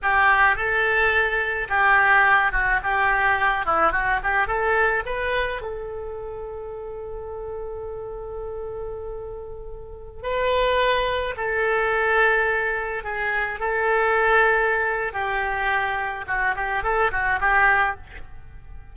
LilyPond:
\new Staff \with { instrumentName = "oboe" } { \time 4/4 \tempo 4 = 107 g'4 a'2 g'4~ | g'8 fis'8 g'4. e'8 fis'8 g'8 | a'4 b'4 a'2~ | a'1~ |
a'2~ a'16 b'4.~ b'16~ | b'16 a'2. gis'8.~ | gis'16 a'2~ a'8. g'4~ | g'4 fis'8 g'8 a'8 fis'8 g'4 | }